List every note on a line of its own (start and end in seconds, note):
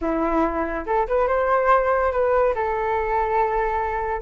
0.01 0.85 E4
0.86 1.07 A4
1.07 1.27 B4
1.27 2.11 C5
2.12 2.54 B4
2.54 4.21 A4